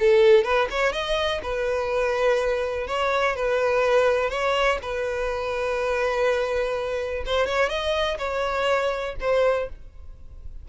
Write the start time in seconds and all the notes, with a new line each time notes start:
0.00 A4
0.44 B4
0.71 C#5
0.93 D#5
1.43 B4
2.88 C#5
3.36 B4
4.30 C#5
4.83 B4
7.26 C5
7.47 C#5
7.70 D#5
8.19 C#5
9.21 C5